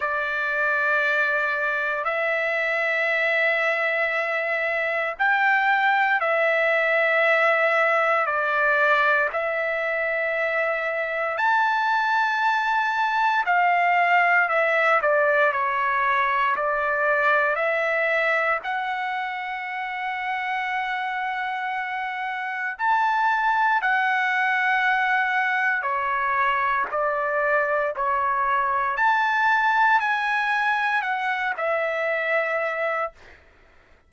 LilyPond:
\new Staff \with { instrumentName = "trumpet" } { \time 4/4 \tempo 4 = 58 d''2 e''2~ | e''4 g''4 e''2 | d''4 e''2 a''4~ | a''4 f''4 e''8 d''8 cis''4 |
d''4 e''4 fis''2~ | fis''2 a''4 fis''4~ | fis''4 cis''4 d''4 cis''4 | a''4 gis''4 fis''8 e''4. | }